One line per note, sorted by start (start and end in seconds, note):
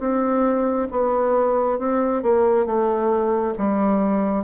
0.00 0.88 C4
0.91 1.79 B3
1.79 2.23 C4
2.23 2.66 A#3
2.66 3.54 A3
3.58 4.44 G3